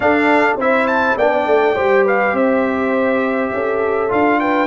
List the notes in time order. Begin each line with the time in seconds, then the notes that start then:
0.00 D4 A4 F5
0.55 C4 E4 C5 E5
0.87 A5
1.17 B3 D4 D5 G5
1.46 A3
1.75 G3 G4 C5
2.04 B4 F5
2.32 C4 C5 E5
3.52 C#4 A4
4.08 D4 F4 F5
4.40 B4 G5